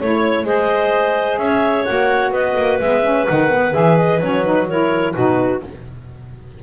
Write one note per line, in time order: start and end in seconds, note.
0.00 0.44 A3
0.00 0.46 E4
0.00 0.46 C#5
0.44 1.38 G#3
0.44 1.86 G#4
0.44 1.40 C5
0.44 1.38 D#5
1.38 1.85 C#4
1.38 2.33 C#5
1.38 1.85 E5
1.85 2.32 A#3
1.85 2.81 F#4
1.85 2.32 F#5
2.32 2.56 B3
2.32 4.67 B4
2.32 2.80 D#5
2.57 2.80 A#3
2.80 3.27 G#3
2.80 3.04 B3
2.80 3.27 E5
3.04 3.27 C#4
3.28 3.76 D#3
3.28 3.50 D#4
3.28 3.74 F#5
3.50 3.72 B3
3.72 4.21 E3
3.72 4.19 G#4
3.72 3.97 E5
3.97 4.20 D#5
4.20 5.15 F#3
4.20 4.44 C#4
4.20 4.44 C#5
4.44 4.68 D#4
4.44 4.68 B4
4.68 5.16 E4
4.68 5.14 A#4
4.68 5.14 C#5
5.14 5.63 B2
5.14 5.63 D#4
5.14 5.61 F#4
5.14 5.61 B4